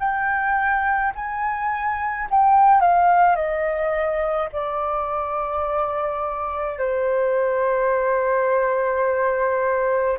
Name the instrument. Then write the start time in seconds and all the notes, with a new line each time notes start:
flute
0.00 G5
1.16 G#5
2.31 G5
2.81 F5
3.36 D#5
4.53 D5
6.79 C5